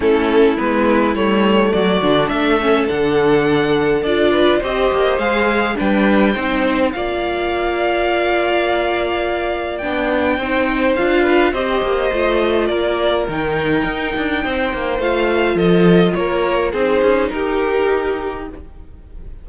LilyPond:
<<
  \new Staff \with { instrumentName = "violin" } { \time 4/4 \tempo 4 = 104 a'4 b'4 cis''4 d''4 | e''4 fis''2 d''4 | dis''4 f''4 g''2 | f''1~ |
f''4 g''2 f''4 | dis''2 d''4 g''4~ | g''2 f''4 dis''4 | cis''4 c''4 ais'2 | }
  \new Staff \with { instrumentName = "violin" } { \time 4/4 e'2. fis'4 | a'2.~ a'8 b'8 | c''2 b'4 c''4 | d''1~ |
d''2 c''4. b'8 | c''2 ais'2~ | ais'4 c''2 a'4 | ais'4 gis'4 g'2 | }
  \new Staff \with { instrumentName = "viola" } { \time 4/4 cis'4 b4 a4. d'8~ | d'8 cis'8 d'2 f'4 | g'4 gis'4 d'4 dis'4 | f'1~ |
f'4 d'4 dis'4 f'4 | g'4 f'2 dis'4~ | dis'2 f'2~ | f'4 dis'2. | }
  \new Staff \with { instrumentName = "cello" } { \time 4/4 a4 gis4 g4 fis8 d8 | a4 d2 d'4 | c'8 ais8 gis4 g4 c'4 | ais1~ |
ais4 b4 c'4 d'4 | c'8 ais8 a4 ais4 dis4 | dis'8 d'8 c'8 ais8 a4 f4 | ais4 c'8 cis'8 dis'2 | }
>>